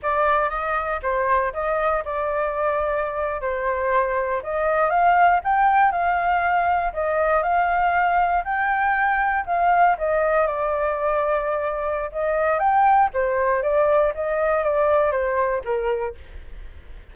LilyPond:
\new Staff \with { instrumentName = "flute" } { \time 4/4 \tempo 4 = 119 d''4 dis''4 c''4 dis''4 | d''2~ d''8. c''4~ c''16~ | c''8. dis''4 f''4 g''4 f''16~ | f''4.~ f''16 dis''4 f''4~ f''16~ |
f''8. g''2 f''4 dis''16~ | dis''8. d''2.~ d''16 | dis''4 g''4 c''4 d''4 | dis''4 d''4 c''4 ais'4 | }